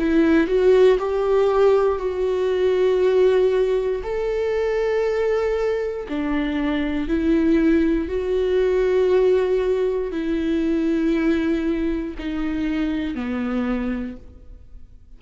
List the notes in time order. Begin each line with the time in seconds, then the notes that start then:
0.00 E4
0.48 F#4
0.99 G4
1.99 F#4
4.04 A4
6.09 D4
7.08 E4
8.09 F#4
10.12 E4
12.19 D#4
13.15 B3